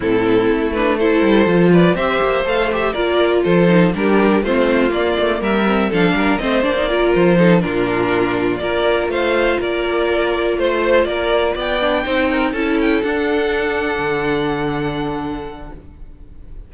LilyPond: <<
  \new Staff \with { instrumentName = "violin" } { \time 4/4 \tempo 4 = 122 a'4. b'8 c''4. d''8 | e''4 f''8 e''8 d''4 c''4 | ais'4 c''4 d''4 e''4 | f''4 dis''8 d''4 c''4 ais'8~ |
ais'4. d''4 f''4 d''8~ | d''4. c''4 d''4 g''8~ | g''4. a''8 g''8 fis''4.~ | fis''1 | }
  \new Staff \with { instrumentName = "violin" } { \time 4/4 e'2 a'4. b'8 | c''2 ais'4 a'4 | g'4 f'2 ais'4 | a'8 ais'8 c''4 ais'4 a'8 f'8~ |
f'4. ais'4 c''4 ais'8~ | ais'4. c''4 ais'4 d''8~ | d''8 c''8 ais'8 a'2~ a'8~ | a'1 | }
  \new Staff \with { instrumentName = "viola" } { \time 4/4 c'4. d'8 e'4 f'4 | g'4 a'8 g'8 f'4. dis'8 | d'4 c'4 ais4. c'8 | d'4 c'8 d'16 dis'16 f'4 dis'8 d'8~ |
d'4. f'2~ f'8~ | f'1 | d'8 dis'4 e'4 d'4.~ | d'1 | }
  \new Staff \with { instrumentName = "cello" } { \time 4/4 a,4 a4. g8 f4 | c'8 ais8 a4 ais4 f4 | g4 a4 ais8 a8 g4 | f8 g8 a8 ais4 f4 ais,8~ |
ais,4. ais4 a4 ais8~ | ais4. a4 ais4 b8~ | b8 c'4 cis'4 d'4.~ | d'8 d2.~ d8 | }
>>